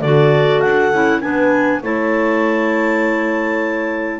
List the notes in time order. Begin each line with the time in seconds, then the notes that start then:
0.00 D3 F#4 A4 D5
0.60 D4 F#5
0.92 C#4 E4
1.21 B3 D4 B4 G#5
1.83 A3 E4 C#5 A5